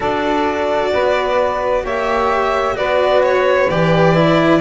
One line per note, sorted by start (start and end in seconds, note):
0.00 0.93 D4
0.00 1.84 F#4
0.00 0.91 A4
0.00 1.85 D5
0.93 1.84 B3
0.93 1.83 B4
1.83 2.76 A#3
1.83 2.74 G4
1.83 2.75 C#5
1.83 2.77 E5
2.74 3.69 B3
2.74 3.66 F#4
2.74 4.61 B4
2.74 3.23 D5
3.23 3.69 C#5
3.69 4.61 E3
3.69 4.14 G4
3.69 4.61 D5
4.14 4.61 E4